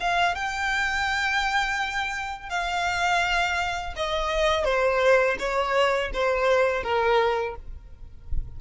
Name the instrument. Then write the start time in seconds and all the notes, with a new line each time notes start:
violin
0.00 F5
0.35 G5
2.49 F5
3.96 D#5
4.64 C5
5.39 C#5
6.13 C5
6.83 A#4